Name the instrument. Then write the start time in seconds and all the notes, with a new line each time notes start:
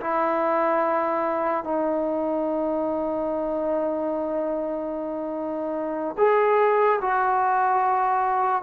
trombone
0.00 E4
1.64 D#4
6.18 G#4
7.01 F#4